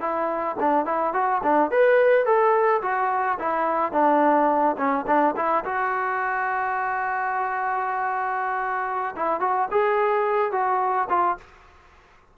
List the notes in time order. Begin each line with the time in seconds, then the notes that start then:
0.00 E4
0.60 D4
0.85 E4
1.13 F#4
1.43 D4
1.71 B4
2.26 A4
2.82 F#4
3.39 E4
3.92 D4
4.78 C#4
5.07 D4
5.36 E4
5.65 F#4
9.16 E4
9.40 F#4
9.71 G#4
10.52 F#4
11.10 F4